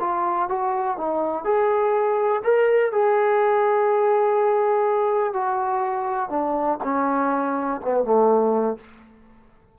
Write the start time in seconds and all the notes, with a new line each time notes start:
0.00 F4
0.49 F#4
0.98 D#4
1.44 G#4
2.44 A#4
2.92 G#4
5.33 F#4
6.29 D4
6.84 C#4
7.81 B3
8.04 A3